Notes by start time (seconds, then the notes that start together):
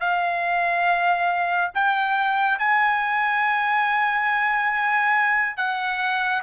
0.00 F5
1.75 G5
2.59 G#5
5.57 F#5